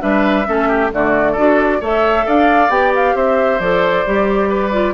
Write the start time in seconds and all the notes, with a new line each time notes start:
0.00 G3 D4 B4 E5
0.46 A3 C#4 A4
0.68 G4
0.92 D3 A3 F#4 D5
1.32 D4 F#4 A4
1.81 A3 A4 C#5 E5
2.26 D4 D5 F5
2.69 B3 G4 G5
2.95 F5
3.15 C4 C5 E5
3.60 F3 A4 D5
4.06 G3 G4
4.49 B4
4.72 F4